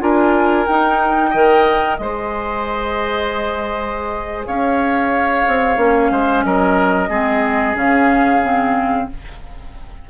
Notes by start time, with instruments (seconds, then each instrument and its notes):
0.00 bassoon D4, clarinet F4, oboe A#4, flute G#5
0.67 bassoon D#4, clarinet D#4, flute G5
1.31 bassoon D#3, clarinet A#4, oboe D#5
1.97 bassoon G#3, clarinet G#4, oboe C5, flute D#5
4.47 bassoon C#4, oboe C#5, flute F5
5.48 bassoon C4
5.77 bassoon A#3, clarinet C#4
6.11 bassoon G#3, oboe C5
6.45 bassoon F#3, oboe A#4, flute D#5
7.10 bassoon G#3, clarinet C4, oboe G#4
7.75 bassoon C#3, clarinet C#4, flute F5
8.44 clarinet C4